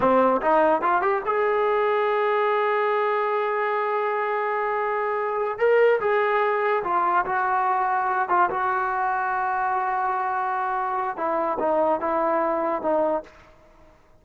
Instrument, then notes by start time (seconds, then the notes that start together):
trombone
0.00 C4
0.41 D#4
0.81 F4
1.01 G4
1.25 G#4
5.58 A#4
6.00 G#4
6.83 F4
7.25 F#4
8.28 F4
8.50 F#4
11.16 E4
11.59 D#4
12.00 E4
12.82 D#4